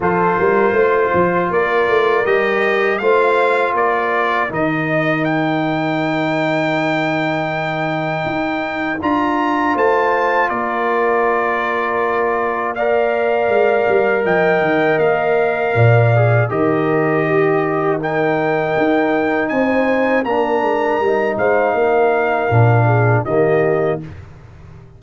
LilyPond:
<<
  \new Staff \with { instrumentName = "trumpet" } { \time 4/4 \tempo 4 = 80 c''2 d''4 dis''4 | f''4 d''4 dis''4 g''4~ | g''1 | ais''4 a''4 d''2~ |
d''4 f''2 g''4 | f''2 dis''2 | g''2 gis''4 ais''4~ | ais''8 f''2~ f''8 dis''4 | }
  \new Staff \with { instrumentName = "horn" } { \time 4/4 a'8 ais'8 c''4 ais'2 | c''4 ais'2.~ | ais'1~ | ais'4 c''4 ais'2~ |
ais'4 d''2 dis''4~ | dis''4 d''4 ais'4 g'4 | ais'2 c''4 ais'4~ | ais'8 c''8 ais'4. gis'8 g'4 | }
  \new Staff \with { instrumentName = "trombone" } { \time 4/4 f'2. g'4 | f'2 dis'2~ | dis'1 | f'1~ |
f'4 ais'2.~ | ais'4. gis'8 g'2 | dis'2. d'4 | dis'2 d'4 ais4 | }
  \new Staff \with { instrumentName = "tuba" } { \time 4/4 f8 g8 a8 f8 ais8 a8 g4 | a4 ais4 dis2~ | dis2. dis'4 | d'4 a4 ais2~ |
ais2 gis8 g8 f8 dis8 | ais4 ais,4 dis2~ | dis4 dis'4 c'4 ais8 gis8 | g8 gis8 ais4 ais,4 dis4 | }
>>